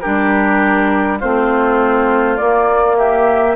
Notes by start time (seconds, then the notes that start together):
0.00 G3 D4 G4 A#4
1.19 A3 C4 F4 C5
2.37 A#3 D5
2.97 G4 E5